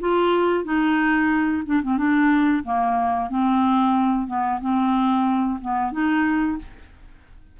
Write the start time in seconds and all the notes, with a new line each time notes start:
0.00 F4
0.64 D#4
1.66 D4
1.83 C4
1.98 D4
2.64 A#3
3.30 C4
4.27 B3
4.61 C4
5.61 B3
5.92 D#4